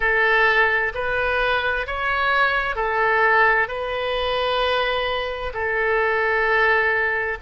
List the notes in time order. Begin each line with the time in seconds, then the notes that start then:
0.00 A4
0.94 B4
1.87 C#5
2.75 A4
3.68 B4
5.53 A4